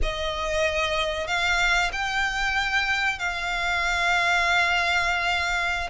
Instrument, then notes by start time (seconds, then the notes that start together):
violin
0.02 D#5
1.27 F5
1.92 G5
3.19 F5